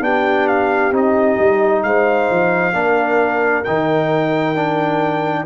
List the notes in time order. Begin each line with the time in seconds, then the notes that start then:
0.00 B3 D4 G4 G5
0.47 F5
0.91 C4 D#4 D#5
1.39 G3
1.83 G#3 C5 F5
2.30 F3
2.73 A#3 D4 A#4
3.64 D#3 D#4 G5
4.55 D4